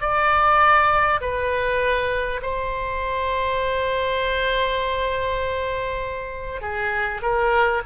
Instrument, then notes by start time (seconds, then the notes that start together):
oboe
0.00 D5
1.21 B4
2.42 C5
6.61 G#4
7.22 A#4